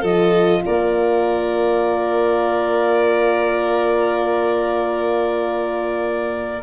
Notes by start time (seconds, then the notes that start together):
0.00 F3 A4 D#5
0.07 F4
0.65 A#3 A#4 D5